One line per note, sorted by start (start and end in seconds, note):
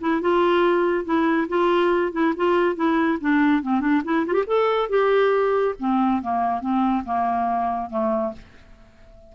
0.00 0.21 E4
0.21 1.04 F4
1.04 1.47 E4
1.48 2.12 F4
2.12 2.34 E4
2.36 2.75 F4
2.75 3.18 E4
3.20 3.62 D4
3.62 3.80 C4
3.80 4.02 D4
4.04 4.26 E4
4.26 4.33 F4
4.33 4.44 G4
4.46 4.89 A4
4.89 5.74 G4
5.79 6.22 C4
6.22 6.61 A#3
6.61 7.04 C4
7.04 7.90 A#3
7.90 8.33 A3